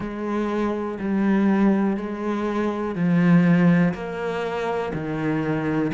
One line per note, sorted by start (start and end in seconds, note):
0.00 0.98 G#3
0.99 1.96 G3
1.96 2.95 G#3
2.95 3.93 F3
3.93 4.92 A#3
4.93 5.92 D#3